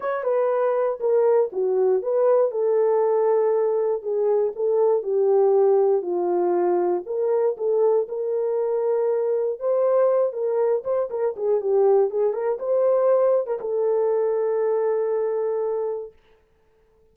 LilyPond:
\new Staff \with { instrumentName = "horn" } { \time 4/4 \tempo 4 = 119 cis''8 b'4. ais'4 fis'4 | b'4 a'2. | gis'4 a'4 g'2 | f'2 ais'4 a'4 |
ais'2. c''4~ | c''8 ais'4 c''8 ais'8 gis'8 g'4 | gis'8 ais'8 c''4.~ c''16 ais'16 a'4~ | a'1 | }